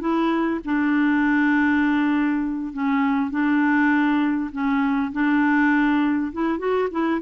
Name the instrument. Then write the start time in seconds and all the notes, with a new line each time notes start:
clarinet
0.00 E4
0.64 D4
2.73 C#4
3.31 D4
4.51 C#4
5.12 D4
6.32 E4
6.58 F#4
6.91 E4